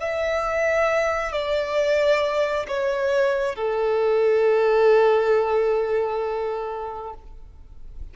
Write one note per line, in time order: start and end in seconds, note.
0.00 1.32 E5
1.32 2.67 D5
2.68 3.56 C#5
3.56 7.14 A4